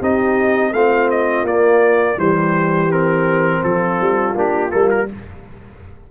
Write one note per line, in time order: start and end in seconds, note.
0.00 0.73 C4
0.00 0.74 D#4
0.00 0.72 G4
0.00 0.73 D#5
0.73 1.44 A3
0.73 1.47 C4
0.73 2.19 F4
0.73 1.10 F5
1.11 1.47 D#5
1.44 2.17 A#3
1.44 2.19 A#3
1.44 2.20 D5
2.18 3.62 E3
2.18 2.90 G3
2.18 3.63 G4
2.18 2.92 C5
2.90 4.35 C4
2.90 3.64 A#4
3.63 4.00 F3
3.63 5.08 F4
3.63 4.36 A4
4.00 4.36 G3
4.35 4.72 A#3
4.35 4.70 D4
4.35 4.71 G4
4.70 5.11 G3
4.70 5.06 A#3
4.70 4.89 A4
4.91 5.09 A#4